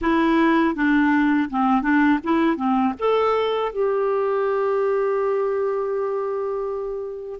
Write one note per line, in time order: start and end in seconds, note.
0.01 0.75 E4
0.75 1.49 D4
1.49 1.81 C4
1.81 2.19 D4
2.23 2.56 E4
2.56 2.93 C4
2.99 3.72 A4
3.72 7.39 G4